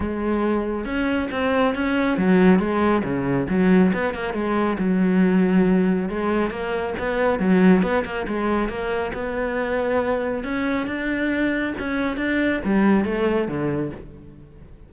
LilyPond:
\new Staff \with { instrumentName = "cello" } { \time 4/4 \tempo 4 = 138 gis2 cis'4 c'4 | cis'4 fis4 gis4 cis4 | fis4 b8 ais8 gis4 fis4~ | fis2 gis4 ais4 |
b4 fis4 b8 ais8 gis4 | ais4 b2. | cis'4 d'2 cis'4 | d'4 g4 a4 d4 | }